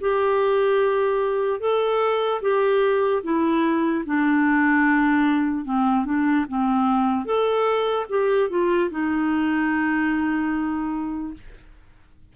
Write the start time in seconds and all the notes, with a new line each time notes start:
0.00 G4
1.60 A4
2.41 G4
3.23 E4
4.05 D4
5.65 C4
6.05 D4
6.48 C4
7.25 A4
8.09 G4
8.50 F4
8.90 D#4